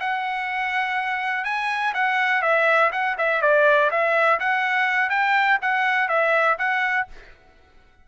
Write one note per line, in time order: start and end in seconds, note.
0.00 1.45 F#5
1.45 1.94 G#5
1.94 2.42 F#5
2.42 2.91 E5
2.92 3.16 F#5
3.18 3.42 E5
3.42 3.90 D5
3.91 4.39 E5
4.40 5.10 F#5
5.10 5.59 G5
5.62 6.09 F#5
6.09 6.57 E5
6.59 7.07 F#5